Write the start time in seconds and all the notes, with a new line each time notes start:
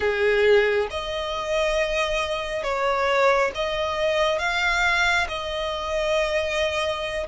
0.00 G#4
0.90 D#5
2.63 C#5
3.54 D#5
4.38 F5
5.28 D#5